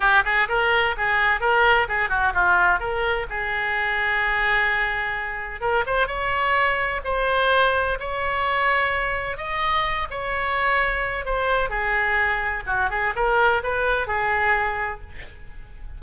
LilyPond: \new Staff \with { instrumentName = "oboe" } { \time 4/4 \tempo 4 = 128 g'8 gis'8 ais'4 gis'4 ais'4 | gis'8 fis'8 f'4 ais'4 gis'4~ | gis'1 | ais'8 c''8 cis''2 c''4~ |
c''4 cis''2. | dis''4. cis''2~ cis''8 | c''4 gis'2 fis'8 gis'8 | ais'4 b'4 gis'2 | }